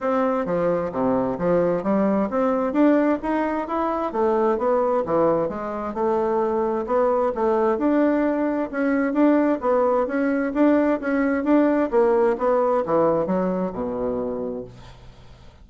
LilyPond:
\new Staff \with { instrumentName = "bassoon" } { \time 4/4 \tempo 4 = 131 c'4 f4 c4 f4 | g4 c'4 d'4 dis'4 | e'4 a4 b4 e4 | gis4 a2 b4 |
a4 d'2 cis'4 | d'4 b4 cis'4 d'4 | cis'4 d'4 ais4 b4 | e4 fis4 b,2 | }